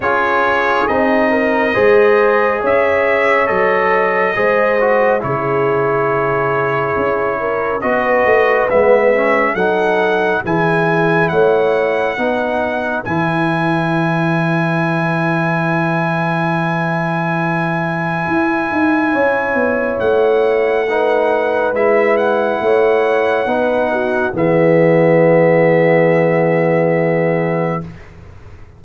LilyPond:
<<
  \new Staff \with { instrumentName = "trumpet" } { \time 4/4 \tempo 4 = 69 cis''4 dis''2 e''4 | dis''2 cis''2~ | cis''4 dis''4 e''4 fis''4 | gis''4 fis''2 gis''4~ |
gis''1~ | gis''2. fis''4~ | fis''4 e''8 fis''2~ fis''8 | e''1 | }
  \new Staff \with { instrumentName = "horn" } { \time 4/4 gis'4. ais'8 c''4 cis''4~ | cis''4 c''4 gis'2~ | gis'8 ais'8 b'2 a'4 | gis'4 cis''4 b'2~ |
b'1~ | b'2 cis''2 | b'2 cis''4 b'8 fis'8 | gis'1 | }
  \new Staff \with { instrumentName = "trombone" } { \time 4/4 f'4 dis'4 gis'2 | a'4 gis'8 fis'8 e'2~ | e'4 fis'4 b8 cis'8 dis'4 | e'2 dis'4 e'4~ |
e'1~ | e'1 | dis'4 e'2 dis'4 | b1 | }
  \new Staff \with { instrumentName = "tuba" } { \time 4/4 cis'4 c'4 gis4 cis'4 | fis4 gis4 cis2 | cis'4 b8 a8 gis4 fis4 | e4 a4 b4 e4~ |
e1~ | e4 e'8 dis'8 cis'8 b8 a4~ | a4 gis4 a4 b4 | e1 | }
>>